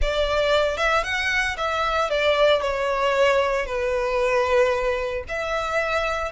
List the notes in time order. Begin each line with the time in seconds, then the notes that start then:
0.01 D5
0.77 E5
1.03 F#5
1.57 E5
2.10 D5
2.61 C#5
3.66 B4
5.28 E5